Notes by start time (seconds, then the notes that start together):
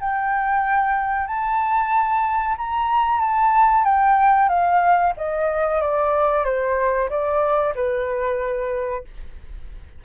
0.00 G5
1.27 A5
2.58 A#5
3.20 A5
3.84 G5
4.49 F5
5.17 D#5
5.81 D5
6.45 C5
7.09 D5
7.75 B4